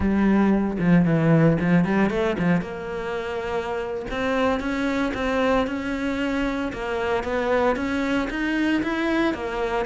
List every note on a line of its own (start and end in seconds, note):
0.00 0.77 G3
0.79 1.05 F3
1.05 1.57 E3
1.60 1.84 F3
1.84 2.10 G3
2.10 2.36 A3
2.38 2.61 F3
2.61 4.06 A#3
4.10 4.60 C4
4.60 5.12 C#4
5.14 5.66 C4
5.67 6.72 C#4
6.72 7.23 A#3
7.23 7.76 B3
7.76 8.28 C#4
8.29 8.82 D#4
8.82 9.34 E4
9.34 9.85 A#3